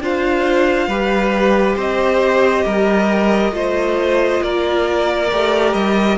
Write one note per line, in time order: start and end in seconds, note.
0.00 0.87 D4
0.00 0.90 F4
0.00 0.88 C5
0.00 1.79 F5
0.87 1.76 G3
0.87 3.51 G4
0.87 1.75 B4
1.75 2.65 C4
1.75 2.63 C5
1.75 4.43 D#5
2.65 3.52 G3
2.65 3.53 A#4
3.51 4.40 A3
3.51 5.28 F4
3.51 4.43 C5
4.43 5.31 A#3
4.43 6.18 A#4
4.43 5.73 D5
5.31 5.73 A3
5.31 6.18 G4
5.73 6.17 G3
5.73 6.17 D#5